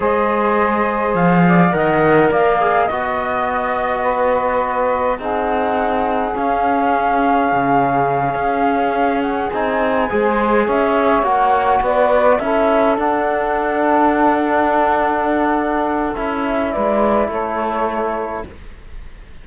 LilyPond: <<
  \new Staff \with { instrumentName = "flute" } { \time 4/4 \tempo 4 = 104 dis''2 f''4 fis''4 | f''4 dis''2.~ | dis''4 fis''2 f''4~ | f''1 |
fis''8 gis''2 e''4 fis''8~ | fis''8 d''4 e''4 fis''4.~ | fis''1 | e''4 d''4 cis''2 | }
  \new Staff \with { instrumentName = "saxophone" } { \time 4/4 c''2~ c''8 d''8 dis''4 | d''4 dis''2 b'4~ | b'4 gis'2.~ | gis'1~ |
gis'4. c''4 cis''4.~ | cis''8 b'4 a'2~ a'8~ | a'1~ | a'4 b'4 a'2 | }
  \new Staff \with { instrumentName = "trombone" } { \time 4/4 gis'2. ais'4~ | ais'8 gis'8 fis'2.~ | fis'4 dis'2 cis'4~ | cis'1~ |
cis'8 dis'4 gis'2 fis'8~ | fis'4. e'4 d'4.~ | d'1 | e'1 | }
  \new Staff \with { instrumentName = "cello" } { \time 4/4 gis2 f4 dis4 | ais4 b2.~ | b4 c'2 cis'4~ | cis'4 cis4. cis'4.~ |
cis'8 c'4 gis4 cis'4 ais8~ | ais8 b4 cis'4 d'4.~ | d'1 | cis'4 gis4 a2 | }
>>